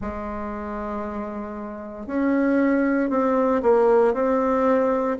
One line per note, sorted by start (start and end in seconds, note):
0.01 2.06 G#3
2.06 3.09 C#4
3.09 3.61 C4
3.62 4.14 A#3
4.14 5.17 C4